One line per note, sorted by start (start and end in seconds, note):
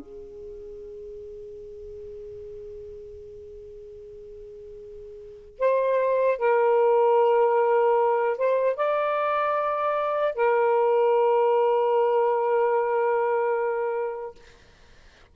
0.00 5.60 G#4
5.60 6.39 C5
6.39 8.38 A#4
8.38 8.77 C5
8.77 10.36 D5
10.36 14.36 A#4